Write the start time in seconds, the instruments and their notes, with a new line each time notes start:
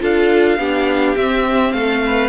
0.00 cello D4, viola F4, violin A4 F5
0.58 cello B3, viola D4, violin G4
1.17 cello C4, viola C4, violin E5
1.72 cello A3, violin A4 F5
2.06 violin B4